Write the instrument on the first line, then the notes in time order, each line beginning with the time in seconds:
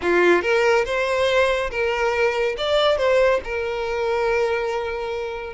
violin
0.02 F4
0.42 A#4
0.85 C5
1.71 A#4
2.57 D5
2.97 C5
3.44 A#4